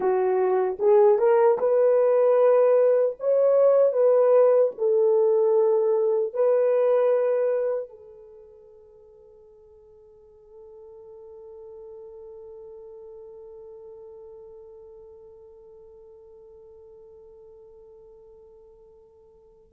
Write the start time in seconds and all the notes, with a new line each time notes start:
0.00 F#4
0.79 G#4
1.18 A#4
1.58 B4
3.19 C#5
3.92 B4
4.78 A4
6.33 B4
7.89 A4